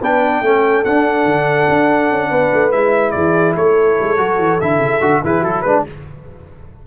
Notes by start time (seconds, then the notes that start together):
0.00 B3 D4 B4 G5
0.41 A3 C#4 A4
0.84 D4 F#5
1.25 D3
1.69 D4
2.11 C#4
2.29 B3 B4
2.53 A3
2.71 G#3 E4 E5
3.11 E3 G#4 D5
3.55 A3 A4 C#5
4.00 G#3
4.17 F#3 F#4
4.38 E3
4.61 D3 E4 E5
4.78 C#3
5.00 D3 F#4
5.23 E3 E4 G#4 B4
5.40 F#3 F#4 A4
5.61 G#3 D4 B4